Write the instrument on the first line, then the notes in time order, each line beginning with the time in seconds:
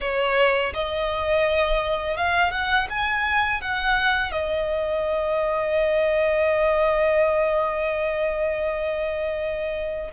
violin
0.00 C#5
0.73 D#5
2.17 F5
2.51 F#5
2.89 G#5
3.61 F#5
4.31 D#5